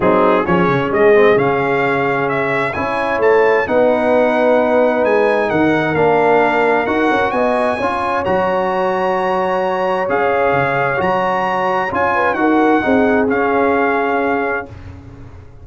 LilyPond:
<<
  \new Staff \with { instrumentName = "trumpet" } { \time 4/4 \tempo 4 = 131 gis'4 cis''4 dis''4 f''4~ | f''4 e''4 gis''4 a''4 | fis''2. gis''4 | fis''4 f''2 fis''4 |
gis''2 ais''2~ | ais''2 f''2 | ais''2 gis''4 fis''4~ | fis''4 f''2. | }
  \new Staff \with { instrumentName = "horn" } { \time 4/4 dis'4 gis'2.~ | gis'2 cis''2 | b'1 | ais'1 |
dis''4 cis''2.~ | cis''1~ | cis''2~ cis''8 b'8 ais'4 | gis'1 | }
  \new Staff \with { instrumentName = "trombone" } { \time 4/4 c'4 cis'4. c'8 cis'4~ | cis'2 e'2 | dis'1~ | dis'4 d'2 fis'4~ |
fis'4 f'4 fis'2~ | fis'2 gis'2 | fis'2 f'4 fis'4 | dis'4 cis'2. | }
  \new Staff \with { instrumentName = "tuba" } { \time 4/4 fis4 f8 cis8 gis4 cis4~ | cis2 cis'4 a4 | b2. gis4 | dis4 ais2 dis'8 cis'8 |
b4 cis'4 fis2~ | fis2 cis'4 cis4 | fis2 cis'4 dis'4 | c'4 cis'2. | }
>>